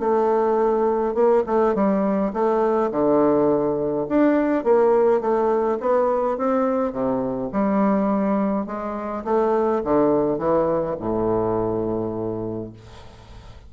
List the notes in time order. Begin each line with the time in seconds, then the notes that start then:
0.00 A3
1.15 A#3
1.47 A3
1.75 G3
2.34 A3
2.92 D3
4.09 D4
4.64 A#3
5.21 A3
5.80 B3
6.38 C4
6.93 C3
7.53 G3
8.66 G#3
9.25 A3
9.84 D3
10.38 E3
11.00 A2